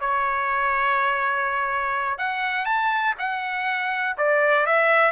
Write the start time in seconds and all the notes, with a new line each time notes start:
0.00 C#5
2.18 F#5
2.65 A5
3.18 F#5
4.17 D5
4.66 E5